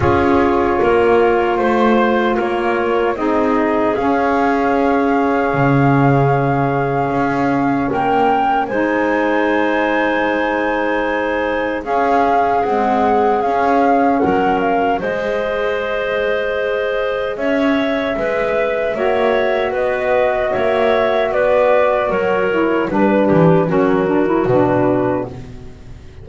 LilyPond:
<<
  \new Staff \with { instrumentName = "flute" } { \time 4/4 \tempo 4 = 76 cis''2 c''4 cis''4 | dis''4 f''2.~ | f''2 g''4 gis''4~ | gis''2. f''4 |
fis''4 f''4 fis''8 f''8 dis''4~ | dis''2 e''2~ | e''4 dis''4 e''4 d''4 | cis''4 b'4 ais'4 b'4 | }
  \new Staff \with { instrumentName = "clarinet" } { \time 4/4 gis'4 ais'4 c''4 ais'4 | gis'1~ | gis'2 ais'4 c''4~ | c''2. gis'4~ |
gis'2 ais'4 c''4~ | c''2 cis''4 b'4 | cis''4 b'4 cis''4 b'4 | ais'4 b'8 g'8 fis'2 | }
  \new Staff \with { instrumentName = "saxophone" } { \time 4/4 f'1 | dis'4 cis'2.~ | cis'2. dis'4~ | dis'2. cis'4 |
gis4 cis'2 gis'4~ | gis'1 | fis'1~ | fis'8 e'8 d'4 cis'8 d'16 e'16 d'4 | }
  \new Staff \with { instrumentName = "double bass" } { \time 4/4 cis'4 ais4 a4 ais4 | c'4 cis'2 cis4~ | cis4 cis'4 ais4 gis4~ | gis2. cis'4 |
c'4 cis'4 fis4 gis4~ | gis2 cis'4 gis4 | ais4 b4 ais4 b4 | fis4 g8 e8 fis4 b,4 | }
>>